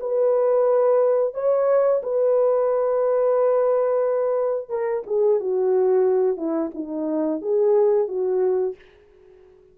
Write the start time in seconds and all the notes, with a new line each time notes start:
0.00 B4
1.34 C#5
2.03 B4
4.69 A#4
5.07 G#4
5.40 F#4
6.37 E4
6.75 D#4
7.42 G#4
8.08 F#4